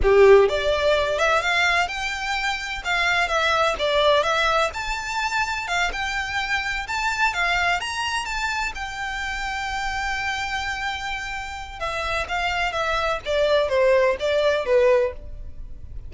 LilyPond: \new Staff \with { instrumentName = "violin" } { \time 4/4 \tempo 4 = 127 g'4 d''4. e''8 f''4 | g''2 f''4 e''4 | d''4 e''4 a''2 | f''8 g''2 a''4 f''8~ |
f''8 ais''4 a''4 g''4.~ | g''1~ | g''4 e''4 f''4 e''4 | d''4 c''4 d''4 b'4 | }